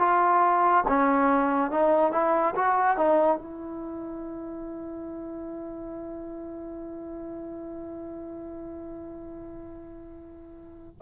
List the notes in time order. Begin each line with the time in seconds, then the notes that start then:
0.00 F4
0.88 C#4
1.71 D#4
2.12 E4
2.55 F#4
2.98 D#4
3.38 E4